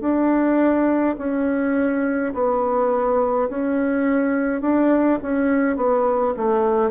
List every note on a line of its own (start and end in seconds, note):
0.00 1.15 D4
1.17 2.33 C#4
2.33 3.49 B3
3.49 4.61 C#4
4.61 5.19 D4
5.22 5.76 C#4
5.76 6.34 B3
6.36 6.91 A3